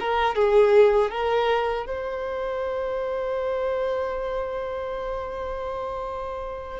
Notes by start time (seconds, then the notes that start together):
0.00 A#4
0.35 G#4
1.11 A#4
1.86 C5